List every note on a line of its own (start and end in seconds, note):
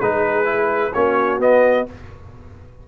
0.00 0.94 G#3
0.00 0.45 D#4
0.00 0.93 G#4
0.00 0.93 B4
0.45 0.91 E4
0.93 1.39 A#3
0.93 1.40 C#4
0.93 1.87 F#4
0.93 1.40 C#5
1.39 1.85 B3
1.39 1.86 B3
1.39 1.88 D#5